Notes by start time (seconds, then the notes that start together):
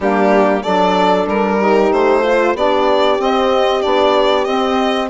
0.00 G3 A#3 D4 G4
0.61 F#3 D4 A4 D5
1.27 G3 A#4
1.59 D#4 G4
1.91 A3 C5
2.22 F4
2.54 B3 D4 G4 D5
3.18 C4 D#5
3.81 B3 D4 D5
4.44 C4 D#5